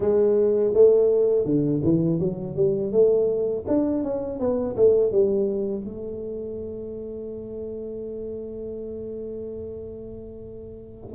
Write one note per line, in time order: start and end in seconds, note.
0.00 0.73 G#3
0.73 1.45 A3
1.45 1.81 D3
1.83 2.19 E3
2.19 2.56 F#3
2.56 2.92 G3
2.92 3.65 A3
3.67 4.03 D4
4.03 4.39 C#4
4.39 4.76 B3
4.76 5.11 A3
5.11 5.84 G3
5.84 11.14 A3